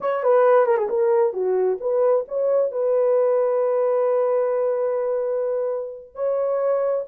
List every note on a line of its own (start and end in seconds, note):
0.01 0.23 C#5
0.23 0.66 B4
0.66 0.77 A#4
0.77 0.88 G#4
0.89 1.33 A#4
1.33 1.77 F#4
1.80 2.25 B4
2.28 2.71 C#5
2.71 6.14 B4
6.14 7.04 C#5